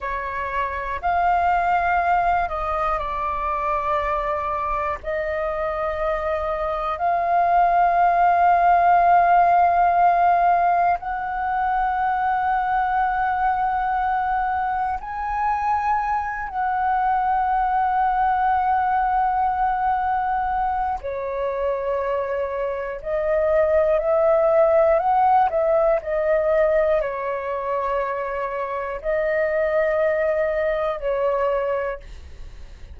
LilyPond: \new Staff \with { instrumentName = "flute" } { \time 4/4 \tempo 4 = 60 cis''4 f''4. dis''8 d''4~ | d''4 dis''2 f''4~ | f''2. fis''4~ | fis''2. gis''4~ |
gis''8 fis''2.~ fis''8~ | fis''4 cis''2 dis''4 | e''4 fis''8 e''8 dis''4 cis''4~ | cis''4 dis''2 cis''4 | }